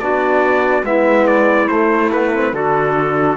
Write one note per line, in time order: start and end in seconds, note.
0.00 0.83 B3
0.00 0.83 D4
0.00 0.86 F#4
0.00 0.85 D5
0.83 1.67 G#3
0.83 1.67 B3
0.83 2.53 E4
0.83 1.27 E5
1.27 1.68 D5
1.67 2.10 A3
1.67 2.53 A3
1.67 2.10 C5
2.12 2.34 B3
2.12 2.54 B4
2.34 2.53 C4
2.53 3.37 D3
2.53 3.37 D4
2.53 3.37 F#4
2.53 3.37 A4